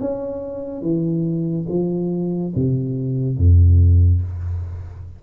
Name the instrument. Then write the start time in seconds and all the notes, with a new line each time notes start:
tuba
0.00 C#4
0.81 E3
1.69 F3
2.55 C3
3.37 F2